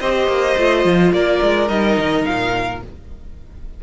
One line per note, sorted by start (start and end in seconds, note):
0.00 0.27 C4
0.00 0.57 G4
0.00 1.12 C5
0.00 1.12 D#5
0.27 0.55 A#3
0.57 0.85 A3
0.57 1.68 F4
0.85 1.12 F3
1.12 1.40 A#3
1.12 2.83 A#4
1.12 1.69 D5
1.41 1.69 G#3
1.68 1.97 G3
1.68 2.80 D#4
1.68 2.24 D#5
1.98 2.26 D#3
2.24 2.83 A#2
2.24 2.80 F5